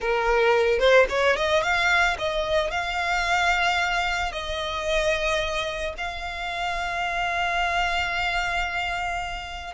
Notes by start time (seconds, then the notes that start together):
0.00 A#4
0.79 C5
1.09 C#5
1.36 D#5
1.62 F5
2.18 D#5
2.70 F5
4.31 D#5
5.97 F5